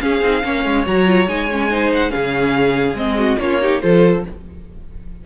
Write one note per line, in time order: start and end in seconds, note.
0.00 0.21 C#4
0.00 0.22 C#4
0.00 0.44 G#4
0.00 0.85 F5
0.22 0.43 C4
0.22 0.43 D#4
0.43 0.65 A#3
0.43 0.85 C#4
0.43 1.71 C#5
0.65 0.86 G#3
0.86 1.27 F#3
0.86 1.06 F#4
0.86 1.28 A#5
1.06 1.28 F4
1.27 2.12 G#3
1.27 1.49 D#4
1.27 1.91 G#5
1.52 1.70 C#4
1.70 2.10 D#4
1.70 2.11 C5
1.94 2.11 F#5
2.10 2.94 C#3
2.10 2.94 C#4
2.10 3.17 G#4
2.10 2.96 F5
2.94 3.36 G#3
2.94 3.38 C4
2.94 3.39 D#5
3.18 3.39 F#4
3.39 3.82 A#3
3.39 3.61 C#4
3.39 3.62 F4
3.39 3.81 C#5
3.61 3.82 D#4
3.61 3.82 G4
3.81 4.26 F3
3.81 4.24 F4
3.81 4.25 A4
3.81 4.23 C5